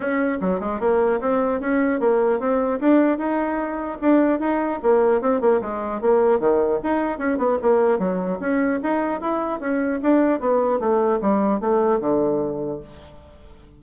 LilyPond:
\new Staff \with { instrumentName = "bassoon" } { \time 4/4 \tempo 4 = 150 cis'4 fis8 gis8 ais4 c'4 | cis'4 ais4 c'4 d'4 | dis'2 d'4 dis'4 | ais4 c'8 ais8 gis4 ais4 |
dis4 dis'4 cis'8 b8 ais4 | fis4 cis'4 dis'4 e'4 | cis'4 d'4 b4 a4 | g4 a4 d2 | }